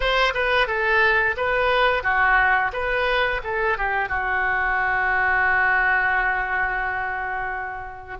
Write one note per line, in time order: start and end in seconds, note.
0.00 0.33 C5
0.34 0.67 B4
0.67 1.35 A4
1.36 2.03 B4
2.03 2.71 F#4
2.72 3.41 B4
3.43 3.77 A4
3.77 4.08 G4
4.08 8.17 F#4